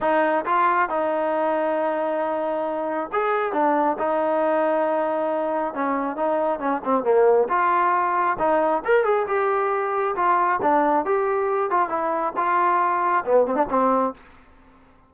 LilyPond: \new Staff \with { instrumentName = "trombone" } { \time 4/4 \tempo 4 = 136 dis'4 f'4 dis'2~ | dis'2. gis'4 | d'4 dis'2.~ | dis'4 cis'4 dis'4 cis'8 c'8 |
ais4 f'2 dis'4 | ais'8 gis'8 g'2 f'4 | d'4 g'4. f'8 e'4 | f'2 b8 c'16 d'16 c'4 | }